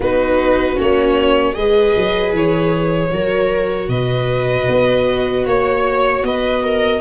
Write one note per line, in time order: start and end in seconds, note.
0.00 0.77 B3
0.00 0.75 D#4
0.00 1.55 F#4
0.00 0.79 B4
0.75 1.56 A#3
0.75 1.53 C#4
0.75 1.54 C#5
1.53 1.95 G#3
1.53 3.09 G#4
1.53 3.12 B4
1.53 2.32 D#5
1.96 2.32 F#3
2.32 3.10 E3
2.32 3.89 C#5
3.11 3.87 F#3
3.11 7.00 F#4
3.11 3.91 A#4
3.87 4.65 B2
3.87 5.45 B4
3.87 5.45 D#5
4.68 5.46 B3
5.45 6.22 A#3
5.45 6.23 C#5
5.45 6.25 C#5
6.22 7.00 B3
6.22 6.63 B4
6.22 7.00 D#5
6.63 7.00 A#4